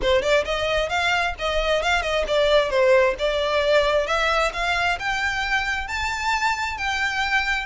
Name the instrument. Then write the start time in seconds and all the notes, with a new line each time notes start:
violin
0.01 C5
0.22 D5
0.44 D#5
0.89 F5
1.38 D#5
1.82 F5
2.02 D#5
2.27 D5
2.69 C5
3.18 D5
4.06 E5
4.53 F5
4.99 G5
5.87 A5
6.77 G5